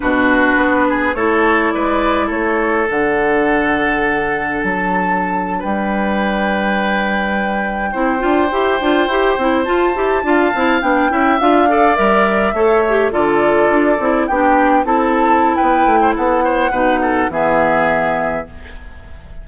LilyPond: <<
  \new Staff \with { instrumentName = "flute" } { \time 4/4 \tempo 4 = 104 b'2 cis''4 d''4 | cis''4 fis''2. | a''4.~ a''16 g''2~ g''16~ | g''1~ |
g''8. a''2 g''4 f''16~ | f''8. e''2 d''4~ d''16~ | d''8. g''4 a''4~ a''16 g''4 | fis''2 e''2 | }
  \new Staff \with { instrumentName = "oboe" } { \time 4/4 fis'4. gis'8 a'4 b'4 | a'1~ | a'4.~ a'16 b'2~ b'16~ | b'4.~ b'16 c''2~ c''16~ |
c''4.~ c''16 f''4. e''8.~ | e''16 d''4. cis''4 a'4~ a'16~ | a'8. g'4 a'4~ a'16 b'8. c''16 | a'8 c''8 b'8 a'8 gis'2 | }
  \new Staff \with { instrumentName = "clarinet" } { \time 4/4 d'2 e'2~ | e'4 d'2.~ | d'1~ | d'4.~ d'16 e'8 f'8 g'8 f'8 g'16~ |
g'16 e'8 f'8 g'8 f'8 e'8 d'8 e'8 f'16~ | f'16 a'8 ais'4 a'8 g'8 f'4~ f'16~ | f'16 e'8 d'4 e'2~ e'16~ | e'4 dis'4 b2 | }
  \new Staff \with { instrumentName = "bassoon" } { \time 4/4 b,4 b4 a4 gis4 | a4 d2. | fis4.~ fis16 g2~ g16~ | g4.~ g16 c'8 d'8 e'8 d'8 e'16~ |
e'16 c'8 f'8 e'8 d'8 c'8 b8 cis'8 d'16~ | d'8. g4 a4 d4 d'16~ | d'16 c'8 b4 c'4~ c'16 b8 a8 | b4 b,4 e2 | }
>>